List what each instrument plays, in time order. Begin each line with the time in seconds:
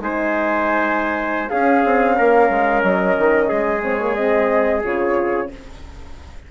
0.00 bassoon G#3, horn D#4, trumpet C5, flute G#5
1.49 horn C#4, bassoon C#4, trumpet G#4, flute F5
1.85 bassoon C4
2.17 bassoon A#3, trumpet A#4
2.50 bassoon G#3
2.82 bassoon F#3, flute D#5
3.18 bassoon D#3
3.49 bassoon G#3, trumpet G#4
3.82 horn C4, flute C#5
4.00 horn A#3
4.15 horn C4, flute D#5
4.84 bassoon C#3, horn F4, flute C#5